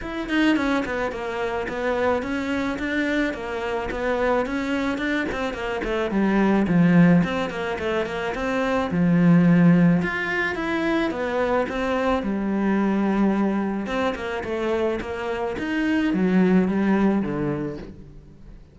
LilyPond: \new Staff \with { instrumentName = "cello" } { \time 4/4 \tempo 4 = 108 e'8 dis'8 cis'8 b8 ais4 b4 | cis'4 d'4 ais4 b4 | cis'4 d'8 c'8 ais8 a8 g4 | f4 c'8 ais8 a8 ais8 c'4 |
f2 f'4 e'4 | b4 c'4 g2~ | g4 c'8 ais8 a4 ais4 | dis'4 fis4 g4 d4 | }